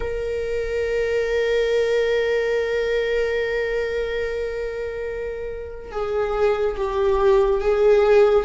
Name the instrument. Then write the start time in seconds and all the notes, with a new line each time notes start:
viola
0.00 A#4
5.91 G#4
6.76 G4
7.61 G#4